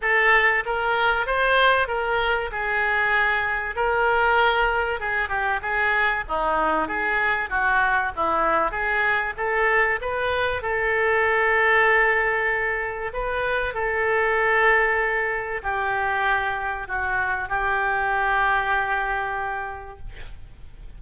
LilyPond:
\new Staff \with { instrumentName = "oboe" } { \time 4/4 \tempo 4 = 96 a'4 ais'4 c''4 ais'4 | gis'2 ais'2 | gis'8 g'8 gis'4 dis'4 gis'4 | fis'4 e'4 gis'4 a'4 |
b'4 a'2.~ | a'4 b'4 a'2~ | a'4 g'2 fis'4 | g'1 | }